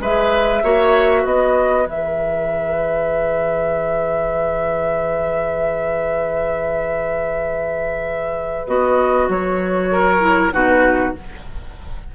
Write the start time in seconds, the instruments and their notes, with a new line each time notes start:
0.00 bassoon G#3, clarinet G#4, oboe B4, flute E5
0.63 bassoon A#3, clarinet F#4, oboe C#5
1.21 bassoon B3, oboe B4, flute D#5
1.86 bassoon E3, clarinet G#4, flute E5
8.67 bassoon B3, clarinet F#4, flute D#5
9.28 bassoon F#3, flute C#5
9.91 oboe A#4
10.20 clarinet E4
10.52 bassoon B2, clarinet D#4, oboe F#4, flute B4